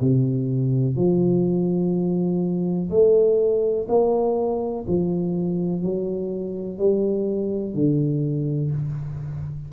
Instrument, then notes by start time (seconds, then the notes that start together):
tuba
0.00 C3
0.96 F3
2.90 A3
3.88 A#3
4.87 F3
5.82 F#3
6.78 G3
7.74 D3